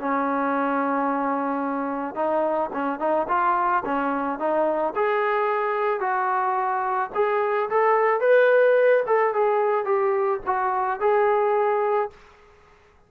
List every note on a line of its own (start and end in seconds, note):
0.00 2.15 C#4
2.15 2.70 D#4
2.73 3.00 C#4
3.00 3.27 D#4
3.29 3.84 F4
3.85 4.39 C#4
4.39 4.94 D#4
4.96 6.01 G#4
6.01 7.11 F#4
7.15 7.70 G#4
7.70 8.21 A4
8.21 9.04 B4
9.07 9.34 A4
9.34 9.85 G#4
9.85 10.40 G4
10.47 11.00 F#4
11.00 12.11 G#4